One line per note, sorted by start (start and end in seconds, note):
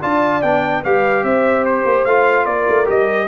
0.00 0.42 D4
0.00 0.42 F4
0.00 0.82 D5
0.00 0.42 A5
0.42 0.83 B3
0.42 0.83 D4
0.42 0.82 G5
0.83 1.23 G3
0.83 2.07 G4
0.83 1.23 B4
0.83 1.23 F5
1.23 1.84 C4
1.23 2.45 C5
1.23 1.64 E5
1.65 2.04 C5
1.84 2.05 A#3
2.04 2.45 A3
2.04 2.85 F4
2.04 2.45 F5
2.45 2.66 A#3
2.45 3.26 A#4
2.45 2.86 D5
2.68 2.88 A3
2.85 3.28 G3
2.85 3.26 G4
2.85 3.28 D#5